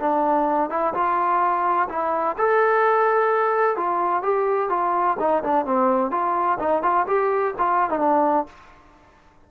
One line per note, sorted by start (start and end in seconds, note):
0.00 0.70 D4
0.70 0.94 E4
0.94 1.89 F4
1.89 2.36 E4
2.38 3.77 A4
3.77 4.23 F4
4.23 4.70 G4
4.70 5.17 F4
5.19 5.43 D#4
5.44 5.65 D4
5.65 6.11 C4
6.11 6.58 F4
6.59 6.83 D#4
6.83 7.07 F4
7.07 7.54 G4
7.58 7.90 F4
7.90 7.99 D#4
7.99 8.47 D4